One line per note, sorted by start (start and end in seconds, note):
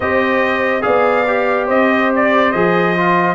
0.00 0.84 C4
0.00 0.81 G4
0.00 0.83 C5
0.00 0.82 D#5
0.81 1.68 B3
0.81 1.24 G#4
0.81 1.66 D5
0.81 1.67 F5
1.26 2.53 G4
1.66 2.53 C4
1.66 3.35 C5
1.66 2.12 D#5
2.15 2.51 D5
2.51 3.35 F3
2.51 2.95 G#4
2.51 3.35 D#5
2.96 3.35 F4